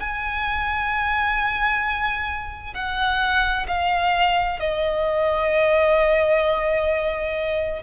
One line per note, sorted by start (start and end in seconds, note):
0.00 2.74 G#5
2.74 3.66 F#5
3.68 4.59 F5
4.59 7.83 D#5